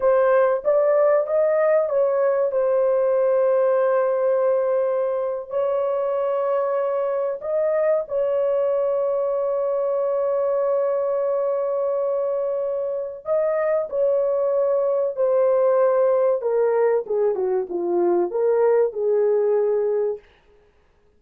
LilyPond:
\new Staff \with { instrumentName = "horn" } { \time 4/4 \tempo 4 = 95 c''4 d''4 dis''4 cis''4 | c''1~ | c''8. cis''2. dis''16~ | dis''8. cis''2.~ cis''16~ |
cis''1~ | cis''4 dis''4 cis''2 | c''2 ais'4 gis'8 fis'8 | f'4 ais'4 gis'2 | }